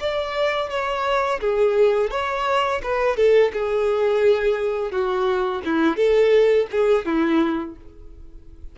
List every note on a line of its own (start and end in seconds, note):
0.00 0.70 D5
0.70 1.41 C#5
1.41 2.11 G#4
2.11 2.81 C#5
2.83 3.17 B4
3.17 3.52 A4
3.53 4.92 G#4
4.92 5.62 F#4
5.65 5.97 E4
5.97 6.67 A4
6.71 7.06 G#4
7.06 7.76 E4